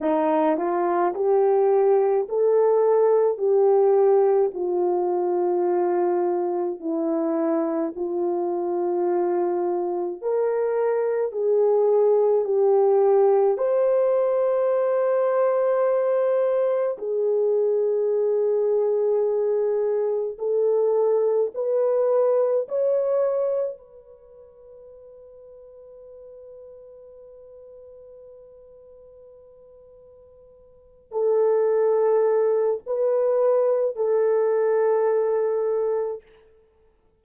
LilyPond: \new Staff \with { instrumentName = "horn" } { \time 4/4 \tempo 4 = 53 dis'8 f'8 g'4 a'4 g'4 | f'2 e'4 f'4~ | f'4 ais'4 gis'4 g'4 | c''2. gis'4~ |
gis'2 a'4 b'4 | cis''4 b'2.~ | b'2.~ b'8 a'8~ | a'4 b'4 a'2 | }